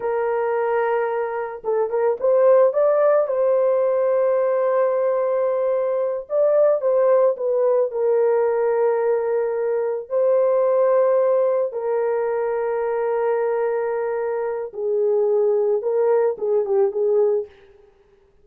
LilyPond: \new Staff \with { instrumentName = "horn" } { \time 4/4 \tempo 4 = 110 ais'2. a'8 ais'8 | c''4 d''4 c''2~ | c''2.~ c''8 d''8~ | d''8 c''4 b'4 ais'4.~ |
ais'2~ ais'8 c''4.~ | c''4. ais'2~ ais'8~ | ais'2. gis'4~ | gis'4 ais'4 gis'8 g'8 gis'4 | }